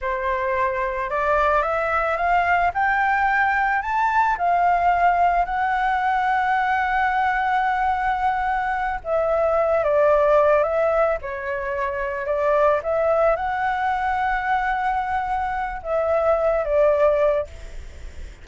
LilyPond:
\new Staff \with { instrumentName = "flute" } { \time 4/4 \tempo 4 = 110 c''2 d''4 e''4 | f''4 g''2 a''4 | f''2 fis''2~ | fis''1~ |
fis''8 e''4. d''4. e''8~ | e''8 cis''2 d''4 e''8~ | e''8 fis''2.~ fis''8~ | fis''4 e''4. d''4. | }